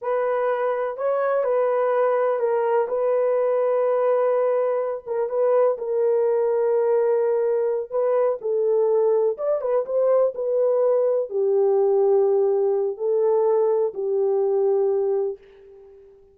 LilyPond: \new Staff \with { instrumentName = "horn" } { \time 4/4 \tempo 4 = 125 b'2 cis''4 b'4~ | b'4 ais'4 b'2~ | b'2~ b'8 ais'8 b'4 | ais'1~ |
ais'8 b'4 a'2 d''8 | b'8 c''4 b'2 g'8~ | g'2. a'4~ | a'4 g'2. | }